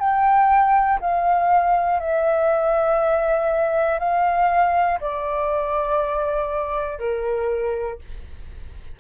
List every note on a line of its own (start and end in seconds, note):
0.00 1.00 G5
1.01 2.00 F5
2.00 4.00 E5
4.00 5.00 F5
5.01 6.99 D5
6.99 7.99 A#4